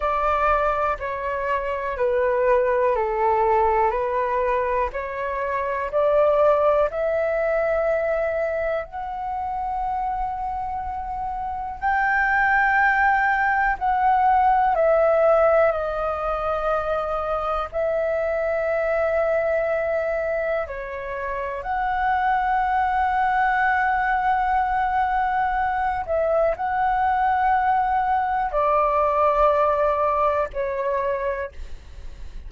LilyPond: \new Staff \with { instrumentName = "flute" } { \time 4/4 \tempo 4 = 61 d''4 cis''4 b'4 a'4 | b'4 cis''4 d''4 e''4~ | e''4 fis''2. | g''2 fis''4 e''4 |
dis''2 e''2~ | e''4 cis''4 fis''2~ | fis''2~ fis''8 e''8 fis''4~ | fis''4 d''2 cis''4 | }